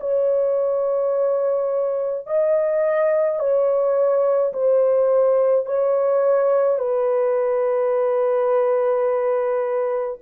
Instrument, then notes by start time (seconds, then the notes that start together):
horn
0.00 C#5
2.26 D#5
3.39 C#5
4.53 C5
5.66 C#5
6.78 B4